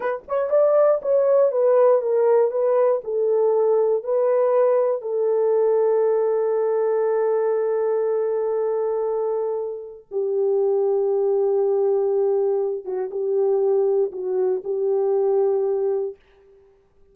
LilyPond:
\new Staff \with { instrumentName = "horn" } { \time 4/4 \tempo 4 = 119 b'8 cis''8 d''4 cis''4 b'4 | ais'4 b'4 a'2 | b'2 a'2~ | a'1~ |
a'1 | g'1~ | g'4. fis'8 g'2 | fis'4 g'2. | }